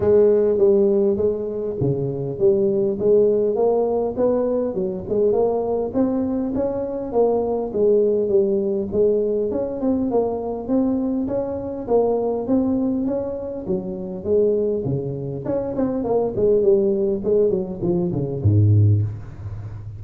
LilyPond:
\new Staff \with { instrumentName = "tuba" } { \time 4/4 \tempo 4 = 101 gis4 g4 gis4 cis4 | g4 gis4 ais4 b4 | fis8 gis8 ais4 c'4 cis'4 | ais4 gis4 g4 gis4 |
cis'8 c'8 ais4 c'4 cis'4 | ais4 c'4 cis'4 fis4 | gis4 cis4 cis'8 c'8 ais8 gis8 | g4 gis8 fis8 f8 cis8 gis,4 | }